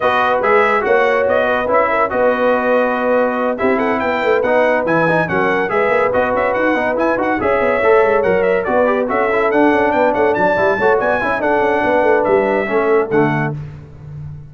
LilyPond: <<
  \new Staff \with { instrumentName = "trumpet" } { \time 4/4 \tempo 4 = 142 dis''4 e''4 fis''4 dis''4 | e''4 dis''2.~ | dis''8 e''8 fis''8 g''4 fis''4 gis''8~ | gis''8 fis''4 e''4 dis''8 e''8 fis''8~ |
fis''8 gis''8 fis''8 e''2 fis''8 | e''8 d''4 e''4 fis''4 g''8 | fis''8 a''4. gis''4 fis''4~ | fis''4 e''2 fis''4 | }
  \new Staff \with { instrumentName = "horn" } { \time 4/4 b'2 cis''4. b'8~ | b'8 ais'8 b'2.~ | b'8 g'8 a'8 b'2~ b'8~ | b'8 ais'4 b'2~ b'8~ |
b'4. cis''2~ cis''8~ | cis''8 b'4 a'2 b'8 | cis''8 d''4 cis''8 d''8 e''8 a'4 | b'2 a'2 | }
  \new Staff \with { instrumentName = "trombone" } { \time 4/4 fis'4 gis'4 fis'2 | e'4 fis'2.~ | fis'8 e'2 dis'4 e'8 | dis'8 cis'4 gis'4 fis'4. |
dis'8 e'8 fis'8 gis'4 a'4 ais'8~ | ais'8 fis'8 g'8 fis'8 e'8 d'4.~ | d'4 e'8 fis'4 e'8 d'4~ | d'2 cis'4 a4 | }
  \new Staff \with { instrumentName = "tuba" } { \time 4/4 b4 gis4 ais4 b4 | cis'4 b2.~ | b8 c'4 b8 a8 b4 e8~ | e8 fis4 gis8 ais8 b8 cis'8 dis'8 |
b8 e'8 dis'8 cis'8 b8 a8 gis8 fis8~ | fis8 b4 cis'4 d'8 cis'8 b8 | a8 fis8 g8 a8 b8 cis'8 d'8 cis'8 | b8 a8 g4 a4 d4 | }
>>